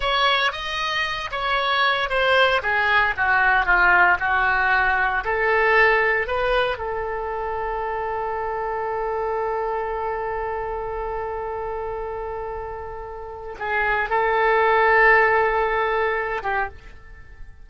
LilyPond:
\new Staff \with { instrumentName = "oboe" } { \time 4/4 \tempo 4 = 115 cis''4 dis''4. cis''4. | c''4 gis'4 fis'4 f'4 | fis'2 a'2 | b'4 a'2.~ |
a'1~ | a'1~ | a'2 gis'4 a'4~ | a'2.~ a'8 g'8 | }